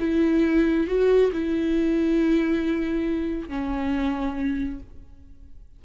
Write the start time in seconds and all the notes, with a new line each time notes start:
0.00 E4
0.88 F#4
1.33 E4
3.49 C#4